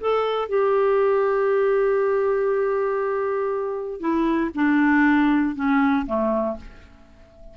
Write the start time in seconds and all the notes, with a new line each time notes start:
0.00 A4
0.48 G4
4.00 E4
4.54 D4
5.55 C#4
6.06 A3